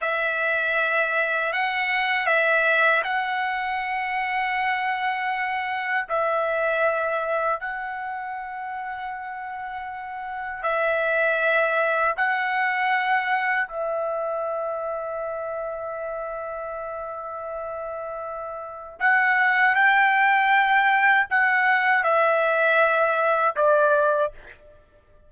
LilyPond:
\new Staff \with { instrumentName = "trumpet" } { \time 4/4 \tempo 4 = 79 e''2 fis''4 e''4 | fis''1 | e''2 fis''2~ | fis''2 e''2 |
fis''2 e''2~ | e''1~ | e''4 fis''4 g''2 | fis''4 e''2 d''4 | }